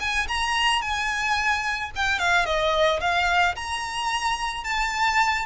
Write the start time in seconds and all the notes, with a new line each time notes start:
0.00 G#5
0.28 A#5
0.82 G#5
1.95 G5
2.19 F5
2.45 D#5
3.00 F5
3.56 A#5
4.64 A5